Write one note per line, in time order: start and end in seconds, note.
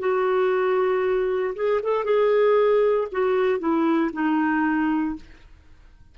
0.00 1.55 F#4
1.56 1.82 G#4
1.83 2.05 A4
2.05 3.08 G#4
3.12 3.60 F#4
3.60 4.11 E4
4.13 5.17 D#4